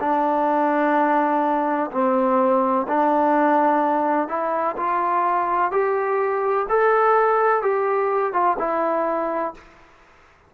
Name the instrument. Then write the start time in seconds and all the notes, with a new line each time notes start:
trombone
0.00 D4
1.91 C4
2.87 D4
4.28 E4
4.76 F4
5.71 G4
6.69 A4
7.62 G4
8.33 F4
8.58 E4